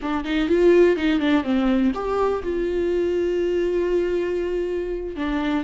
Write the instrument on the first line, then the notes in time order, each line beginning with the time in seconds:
viola
0.02 D4
0.24 D#4
0.48 F4
0.96 D#4
1.19 D4
1.43 C4
1.94 G4
2.42 F4
5.16 D4